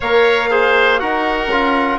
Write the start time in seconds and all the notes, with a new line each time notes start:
0.00 A#3 A#4 C#5 F5
0.50 G#4 C5
0.99 D#4 F#4 A#4 F#5
1.47 C#4 F4